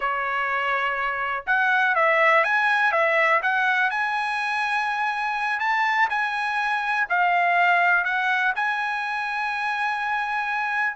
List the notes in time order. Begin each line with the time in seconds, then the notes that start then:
0.00 C#5
1.46 F#5
1.95 E5
2.43 G#5
2.91 E5
3.42 F#5
3.90 G#5
5.59 A5
6.09 G#5
7.09 F5
8.04 F#5
8.55 G#5